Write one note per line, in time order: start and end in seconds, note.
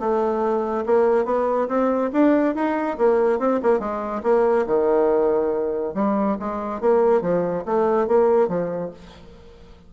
0.00 0.85 A3
0.86 1.26 A#3
1.26 1.68 B3
1.68 2.11 C4
2.13 2.55 D4
2.55 2.98 D#4
2.98 3.39 A#3
3.39 3.61 C4
3.63 3.80 A#3
3.80 4.22 G#3
4.23 4.66 A#3
4.67 5.95 D#3
5.95 6.37 G3
6.40 6.81 G#3
6.81 7.21 A#3
7.21 7.64 F3
7.66 8.08 A3
8.08 8.49 A#3
8.49 8.91 F3